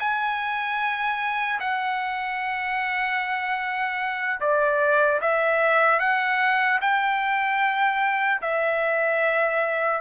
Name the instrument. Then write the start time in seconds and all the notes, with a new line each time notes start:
trumpet
0.00 G#5
1.60 F#5
4.41 D5
5.21 E5
6.00 F#5
6.81 G5
8.42 E5